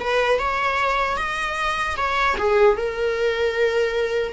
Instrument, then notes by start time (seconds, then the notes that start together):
viola
0.00 B4
0.39 C#5
1.17 D#5
1.97 C#5
2.38 G#4
2.77 A#4